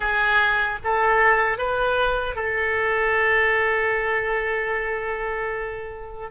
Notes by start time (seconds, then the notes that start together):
0.00 G#4
0.84 A4
1.58 B4
2.35 A4